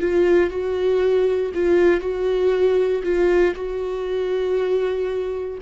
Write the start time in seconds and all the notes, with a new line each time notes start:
0.00 F4
0.50 F#4
1.54 F4
2.01 F#4
3.03 F4
3.55 F#4